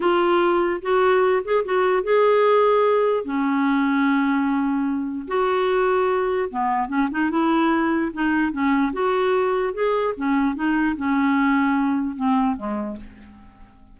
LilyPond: \new Staff \with { instrumentName = "clarinet" } { \time 4/4 \tempo 4 = 148 f'2 fis'4. gis'8 | fis'4 gis'2. | cis'1~ | cis'4 fis'2. |
b4 cis'8 dis'8 e'2 | dis'4 cis'4 fis'2 | gis'4 cis'4 dis'4 cis'4~ | cis'2 c'4 gis4 | }